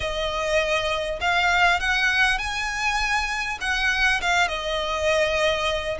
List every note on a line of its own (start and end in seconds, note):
0.00 1.19 D#5
1.20 1.79 F5
1.79 2.38 F#5
2.38 3.58 G#5
3.61 4.21 F#5
4.21 4.48 F5
4.48 5.98 D#5